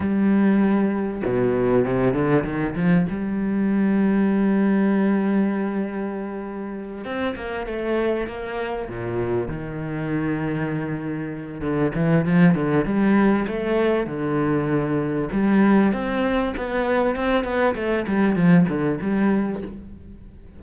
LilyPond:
\new Staff \with { instrumentName = "cello" } { \time 4/4 \tempo 4 = 98 g2 b,4 c8 d8 | dis8 f8 g2.~ | g2.~ g8 c'8 | ais8 a4 ais4 ais,4 dis8~ |
dis2. d8 e8 | f8 d8 g4 a4 d4~ | d4 g4 c'4 b4 | c'8 b8 a8 g8 f8 d8 g4 | }